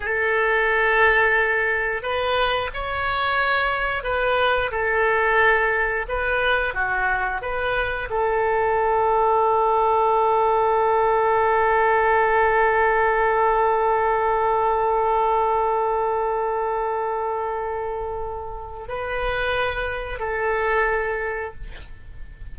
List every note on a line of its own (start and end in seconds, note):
0.00 2.02 A4
2.02 2.69 B4
2.73 4.03 C#5
4.03 4.70 B4
4.71 6.06 A4
6.08 6.74 B4
6.74 7.41 F#4
7.41 8.09 B4
8.10 18.88 A4
18.88 20.19 B4
20.19 21.54 A4